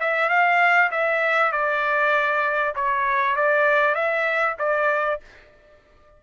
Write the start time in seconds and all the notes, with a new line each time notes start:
0.00 E5
0.29 F5
0.91 E5
1.52 D5
2.75 C#5
3.36 D5
3.95 E5
4.59 D5